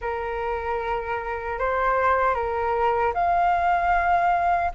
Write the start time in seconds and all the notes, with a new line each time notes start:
0.01 A#4
1.58 C5
2.34 A#4
3.14 F5